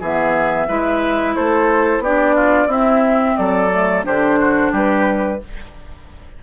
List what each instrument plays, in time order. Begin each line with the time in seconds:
0.00 bassoon E3, clarinet B3, oboe G#4, flute E5
0.68 bassoon G#3, clarinet E4, oboe B4
1.35 bassoon A3, oboe A4, flute C5
1.99 bassoon B3, clarinet D4, oboe G4, flute D5
2.35 oboe F4
2.67 bassoon C4, clarinet C4, oboe E4, flute E5
3.36 bassoon F#3, oboe A4, flute D5
3.71 clarinet A3
4.04 bassoon D3, clarinet D4, oboe G4, flute C5
4.40 oboe F#4
4.71 bassoon G3, oboe G4, flute B4